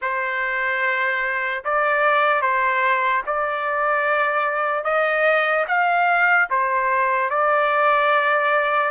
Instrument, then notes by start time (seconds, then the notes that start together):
trumpet
0.01 C5
1.64 D5
2.41 C5
3.26 D5
4.84 D#5
5.68 F5
6.50 C5
7.30 D5